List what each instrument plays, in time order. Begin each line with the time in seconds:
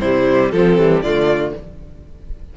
0.00 cello C3, viola G3, violin E4 C5
0.51 cello F3, viola F3, violin C4 A4
0.78 cello E3, viola G3
1.02 cello D3, viola A3, violin F4 D5